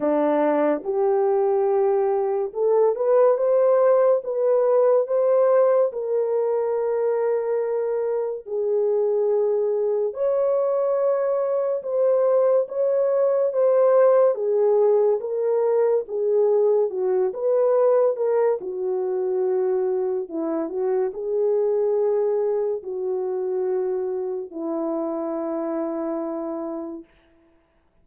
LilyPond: \new Staff \with { instrumentName = "horn" } { \time 4/4 \tempo 4 = 71 d'4 g'2 a'8 b'8 | c''4 b'4 c''4 ais'4~ | ais'2 gis'2 | cis''2 c''4 cis''4 |
c''4 gis'4 ais'4 gis'4 | fis'8 b'4 ais'8 fis'2 | e'8 fis'8 gis'2 fis'4~ | fis'4 e'2. | }